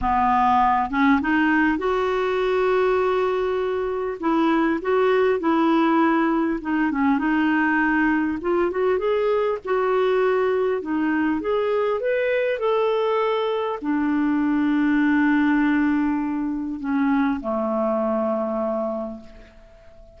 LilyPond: \new Staff \with { instrumentName = "clarinet" } { \time 4/4 \tempo 4 = 100 b4. cis'8 dis'4 fis'4~ | fis'2. e'4 | fis'4 e'2 dis'8 cis'8 | dis'2 f'8 fis'8 gis'4 |
fis'2 dis'4 gis'4 | b'4 a'2 d'4~ | d'1 | cis'4 a2. | }